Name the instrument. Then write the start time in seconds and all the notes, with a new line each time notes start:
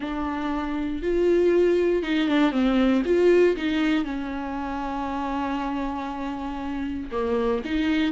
viola
0.00 D4
1.02 F4
2.02 D#4
2.27 D4
2.51 C4
3.05 F4
3.56 D#4
4.04 C#4
7.11 A#3
7.64 D#4